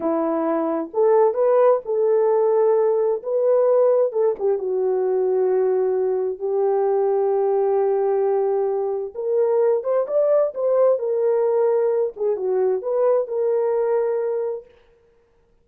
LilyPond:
\new Staff \with { instrumentName = "horn" } { \time 4/4 \tempo 4 = 131 e'2 a'4 b'4 | a'2. b'4~ | b'4 a'8 g'8 fis'2~ | fis'2 g'2~ |
g'1 | ais'4. c''8 d''4 c''4 | ais'2~ ais'8 gis'8 fis'4 | b'4 ais'2. | }